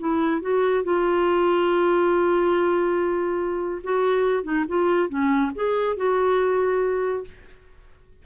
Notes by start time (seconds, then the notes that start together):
0.00 E4
0.42 F#4
0.84 F4
3.84 F#4
4.44 D#4
4.68 F4
5.09 C#4
5.56 G#4
5.97 F#4